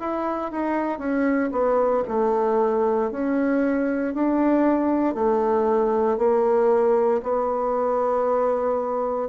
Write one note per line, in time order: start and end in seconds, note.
0.00 0.52 E4
0.52 0.99 D#4
0.99 1.50 C#4
1.52 2.04 B3
2.08 3.11 A3
3.11 4.14 C#4
4.14 5.15 D4
5.15 6.18 A3
6.18 7.22 A#3
7.23 9.29 B3